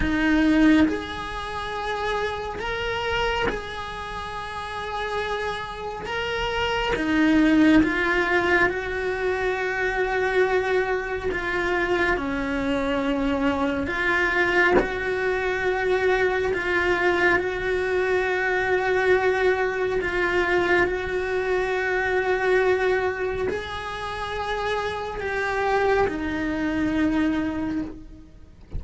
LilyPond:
\new Staff \with { instrumentName = "cello" } { \time 4/4 \tempo 4 = 69 dis'4 gis'2 ais'4 | gis'2. ais'4 | dis'4 f'4 fis'2~ | fis'4 f'4 cis'2 |
f'4 fis'2 f'4 | fis'2. f'4 | fis'2. gis'4~ | gis'4 g'4 dis'2 | }